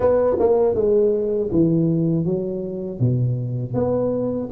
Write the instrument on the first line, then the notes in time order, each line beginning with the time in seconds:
tuba
0.00 B3
0.39 A#3
0.74 G#3
1.51 E3
2.25 F#3
2.99 B2
3.74 B3